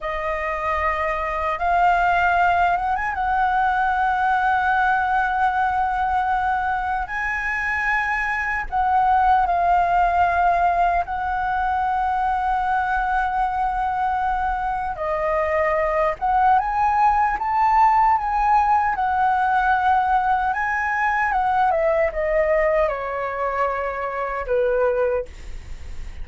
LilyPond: \new Staff \with { instrumentName = "flute" } { \time 4/4 \tempo 4 = 76 dis''2 f''4. fis''16 gis''16 | fis''1~ | fis''4 gis''2 fis''4 | f''2 fis''2~ |
fis''2. dis''4~ | dis''8 fis''8 gis''4 a''4 gis''4 | fis''2 gis''4 fis''8 e''8 | dis''4 cis''2 b'4 | }